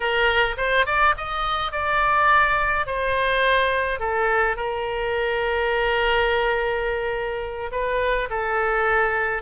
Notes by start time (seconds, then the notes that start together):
0.00 A#4
0.57 C5
0.86 D5
1.17 D#5
1.71 D5
2.86 C5
3.99 A4
4.56 A#4
7.71 B4
8.30 A4